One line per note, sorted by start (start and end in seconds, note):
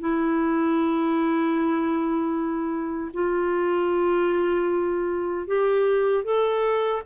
0.00 3.12 E4
3.14 5.48 F4
5.48 6.24 G4
6.24 7.02 A4